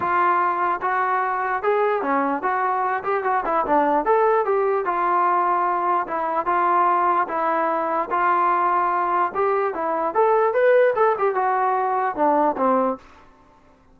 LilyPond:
\new Staff \with { instrumentName = "trombone" } { \time 4/4 \tempo 4 = 148 f'2 fis'2 | gis'4 cis'4 fis'4. g'8 | fis'8 e'8 d'4 a'4 g'4 | f'2. e'4 |
f'2 e'2 | f'2. g'4 | e'4 a'4 b'4 a'8 g'8 | fis'2 d'4 c'4 | }